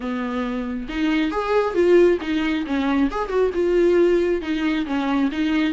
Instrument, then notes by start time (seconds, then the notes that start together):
viola
0.00 B3
0.88 D#4
1.31 G#4
1.74 F4
2.21 D#4
2.66 C#4
3.10 G#4
3.28 F#4
3.54 F4
4.41 D#4
4.86 C#4
5.31 D#4